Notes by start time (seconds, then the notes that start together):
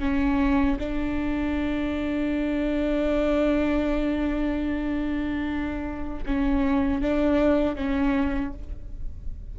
0.00 C#4
0.79 D4
6.26 C#4
7.01 D4
7.76 C#4